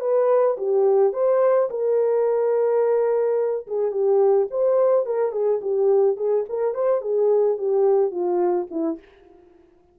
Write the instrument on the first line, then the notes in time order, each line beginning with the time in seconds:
horn
0.00 B4
0.57 G4
1.12 C5
1.70 A#4
3.67 G#4
3.91 G4
4.50 C5
5.05 A#4
5.31 G#4
5.61 G4
6.16 G#4
6.49 A#4
6.74 C5
7.01 G#4
7.57 G4
8.11 F4
8.70 E4